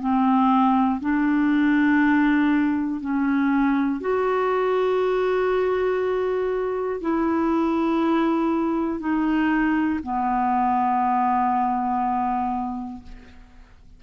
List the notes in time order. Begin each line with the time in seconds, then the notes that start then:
0.00 C4
1.01 D4
3.00 C#4
4.01 F#4
7.01 E4
9.00 D#4
10.03 B3